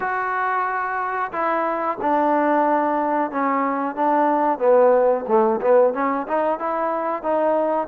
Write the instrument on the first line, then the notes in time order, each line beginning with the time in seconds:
trombone
0.00 F#4
1.32 E4
2.01 D4
3.31 C#4
3.95 D4
4.58 B3
5.27 A3
5.61 B3
5.93 C#4
6.27 D#4
6.59 E4
7.23 D#4